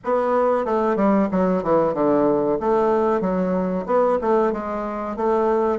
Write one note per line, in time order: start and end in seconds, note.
0.04 0.65 B3
0.65 0.96 A3
0.96 1.28 G3
1.31 1.63 F#3
1.63 1.94 E3
1.94 2.58 D3
2.60 3.21 A3
3.21 3.85 F#3
3.86 4.18 B3
4.21 4.52 A3
4.52 5.16 G#3
5.16 5.79 A3